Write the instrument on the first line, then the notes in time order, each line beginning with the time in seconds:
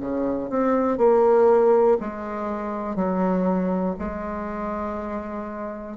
bassoon
0.00 C#3
0.50 C4
0.98 A#3
2.00 G#3
2.95 F#3
3.99 G#3